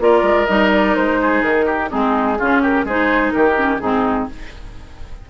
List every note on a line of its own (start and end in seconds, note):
0.00 0.23 A#3
0.00 0.47 F4
0.00 1.21 A#4
0.00 0.46 D5
0.23 0.47 G#3
0.46 0.97 G3
0.46 1.90 D#4
0.46 0.70 D#5
0.73 0.96 D5
0.96 1.43 G#3
0.96 1.43 C5
1.22 1.66 G#4
1.43 1.90 D#3
1.43 1.90 A#4
1.66 1.90 G4
1.90 2.41 G#3
1.90 2.37 C4
1.90 2.38 D#4
1.90 2.63 G#4
2.40 2.85 C#3
2.40 2.88 C#4
2.40 2.62 F4
2.62 2.86 G4
2.62 2.87 A#4
2.85 3.32 G#3
2.85 3.55 D#4
2.85 3.33 G#4
2.85 3.32 C5
3.32 3.81 D#3
3.32 3.82 G4
3.32 3.79 A#4
3.55 3.79 C#4
3.79 4.28 G#2
3.79 4.30 C4
3.79 4.29 D#4
3.79 4.27 G#4